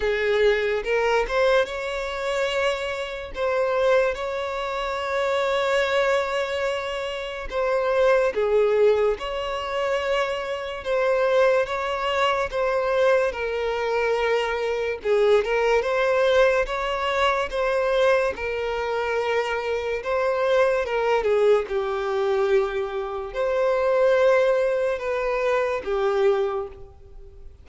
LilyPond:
\new Staff \with { instrumentName = "violin" } { \time 4/4 \tempo 4 = 72 gis'4 ais'8 c''8 cis''2 | c''4 cis''2.~ | cis''4 c''4 gis'4 cis''4~ | cis''4 c''4 cis''4 c''4 |
ais'2 gis'8 ais'8 c''4 | cis''4 c''4 ais'2 | c''4 ais'8 gis'8 g'2 | c''2 b'4 g'4 | }